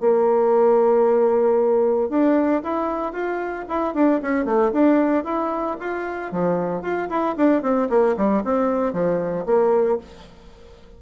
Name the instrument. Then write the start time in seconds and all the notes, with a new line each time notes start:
bassoon
0.00 A#3
2.09 D4
2.63 E4
3.12 F4
3.68 E4
3.94 D4
4.21 C#4
4.45 A3
4.72 D4
5.24 E4
5.80 F4
6.32 F3
6.82 F4
7.09 E4
7.36 D4
7.62 C4
7.89 A#3
8.17 G3
8.44 C4
8.93 F3
9.45 A#3